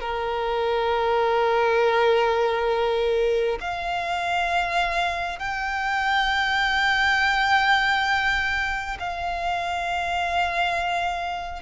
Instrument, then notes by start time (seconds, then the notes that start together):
violin
0.00 A#4
3.60 F5
5.39 G5
8.99 F5